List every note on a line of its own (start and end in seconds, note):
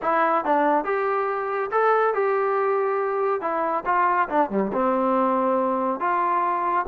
0.02 0.44 E4
0.44 0.84 D4
0.84 1.70 G4
1.71 2.14 A4
2.14 3.41 G4
3.41 3.84 E4
3.85 4.28 F4
4.29 4.50 D4
4.50 4.71 G3
4.73 5.99 C4
5.99 6.85 F4